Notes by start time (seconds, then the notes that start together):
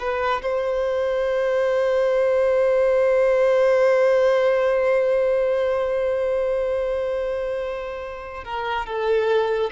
0.00 B4
0.43 C5
8.45 A#4
8.87 A4